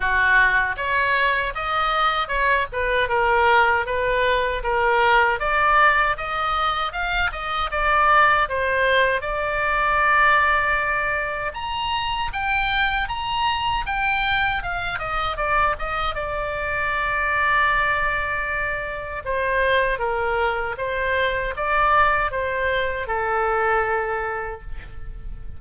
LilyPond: \new Staff \with { instrumentName = "oboe" } { \time 4/4 \tempo 4 = 78 fis'4 cis''4 dis''4 cis''8 b'8 | ais'4 b'4 ais'4 d''4 | dis''4 f''8 dis''8 d''4 c''4 | d''2. ais''4 |
g''4 ais''4 g''4 f''8 dis''8 | d''8 dis''8 d''2.~ | d''4 c''4 ais'4 c''4 | d''4 c''4 a'2 | }